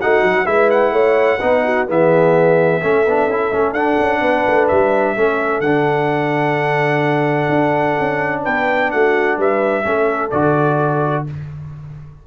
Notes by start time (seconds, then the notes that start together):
0.00 A3 D#4 F#4 F#5
0.22 F#3
0.46 G#3 E4 B4 E5
0.70 F#5
0.92 A3 C#5
1.40 B3 D#4 B4
1.65 F#4
1.88 E3 B3 G#4 E5
2.82 A3 C#4 A4
3.06 B3 D4
3.27 C#4 E4
3.52 A3 C#4
3.73 D4 F#5
4.00 C#4
4.21 B3 B4
4.47 A3
4.68 G3 E5
5.16 A3 C#4 A4
5.61 D3 D4 F#5
7.49 D4
8.00 C#4
8.42 B3 B4 G5
8.91 A3 F#4 F#5
9.38 G3 B4 E5
9.83 A3 C#4 A4
10.31 D3 F#4 D5